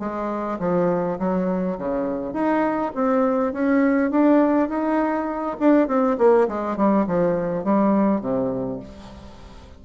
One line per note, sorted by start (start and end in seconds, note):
0.00 0.59 G#3
0.60 1.18 F3
1.19 1.78 F#3
1.78 2.33 C#3
2.33 2.92 D#4
2.95 3.53 C4
3.53 4.11 C#4
4.11 4.69 D4
4.69 5.57 D#4
5.60 5.88 D4
5.88 6.17 C4
6.18 6.48 A#3
6.48 6.77 G#3
6.77 7.07 G3
7.07 7.64 F3
7.64 8.21 G3
8.21 8.80 C3